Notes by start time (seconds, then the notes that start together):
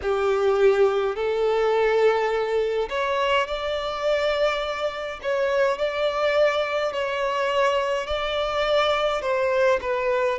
0.02 G4
1.15 A4
2.89 C#5
3.47 D5
5.22 C#5
5.77 D5
6.92 C#5
8.07 D5
9.22 C5
9.81 B4